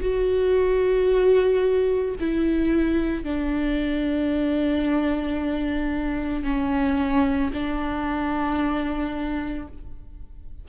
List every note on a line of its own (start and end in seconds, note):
0.00 2.14 F#4
2.20 3.23 E4
3.23 6.43 D4
6.43 7.50 C#4
7.53 9.67 D4